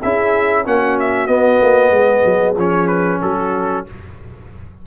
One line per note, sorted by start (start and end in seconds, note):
0.00 0.66 C#4
0.00 0.64 E4
0.00 0.64 G#4
0.00 0.65 E5
0.64 1.27 A#3
0.64 1.27 C#4
0.64 1.93 F#4
0.64 0.99 F#5
0.99 1.27 E5
1.27 2.55 B3
1.27 1.59 B3
1.27 2.54 D#5
1.62 1.90 A#3
1.90 2.22 G#3
1.90 3.22 G#4
2.25 2.56 F#3
2.56 3.20 F3
2.56 3.86 C#4
2.56 2.87 C#5
2.87 3.19 B4
3.21 3.86 F#3
3.21 3.86 F#4
3.21 3.85 A4